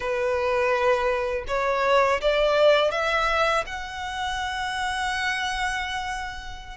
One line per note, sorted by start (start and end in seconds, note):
0.00 1.44 B4
1.47 2.20 C#5
2.21 2.91 D5
2.91 3.64 E5
3.66 6.77 F#5